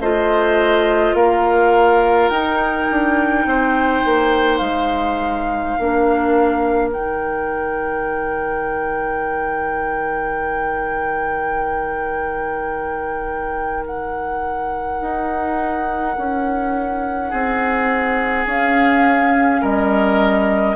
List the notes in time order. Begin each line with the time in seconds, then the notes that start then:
0.00 A3 F4 C5 D#5
1.14 A#3 A#4 F5
2.29 D#4 G5
2.35 D#4
2.91 D4
3.45 C4 C5
4.05 A#3
4.58 G#3 F5
5.78 A#3 D4 A#4
6.92 D#3 D#4 G5
13.86 F#5
15.01 D#4
16.17 C#4
17.30 C4 G#4
18.46 C#4 F5
19.61 G3 A#4 D#5